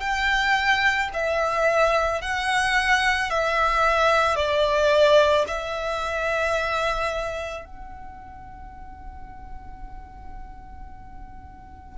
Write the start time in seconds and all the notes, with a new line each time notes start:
0.00 G5
1.14 E5
2.22 F#5
3.30 E5
4.36 D5
5.47 E5
7.65 F#5